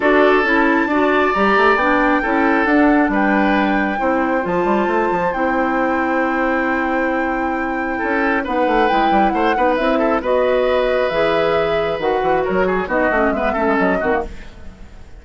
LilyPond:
<<
  \new Staff \with { instrumentName = "flute" } { \time 4/4 \tempo 4 = 135 d''4 a''2 ais''4 | g''2 fis''4 g''4~ | g''2 a''2 | g''1~ |
g''2. fis''4 | g''4 fis''4 e''4 dis''4~ | dis''4 e''2 fis''4 | cis''4 dis''4 e''4 dis''4 | }
  \new Staff \with { instrumentName = "oboe" } { \time 4/4 a'2 d''2~ | d''4 a'2 b'4~ | b'4 c''2.~ | c''1~ |
c''2 a'4 b'4~ | b'4 c''8 b'4 a'8 b'4~ | b'1 | ais'8 gis'8 fis'4 b'8 a'4 fis'8 | }
  \new Staff \with { instrumentName = "clarinet" } { \time 4/4 fis'4 e'4 fis'4 g'4 | d'4 e'4 d'2~ | d'4 e'4 f'2 | e'1~ |
e'2. dis'4 | e'4. dis'8 e'4 fis'4~ | fis'4 gis'2 fis'4~ | fis'4 dis'8 cis'8 b8 cis'4 c'16 ais16 | }
  \new Staff \with { instrumentName = "bassoon" } { \time 4/4 d'4 cis'4 d'4 g8 a8 | b4 cis'4 d'4 g4~ | g4 c'4 f8 g8 a8 f8 | c'1~ |
c'2 cis'4 b8 a8 | gis8 g8 a8 b8 c'4 b4~ | b4 e2 dis8 e8 | fis4 b8 a8 gis8 a16 gis16 fis8 dis8 | }
>>